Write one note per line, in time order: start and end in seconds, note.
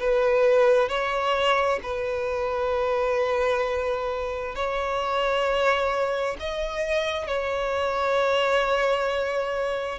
0.00 0.89 B4
0.89 1.80 C#5
1.83 4.55 B4
4.55 6.37 C#5
6.40 7.27 D#5
7.27 9.99 C#5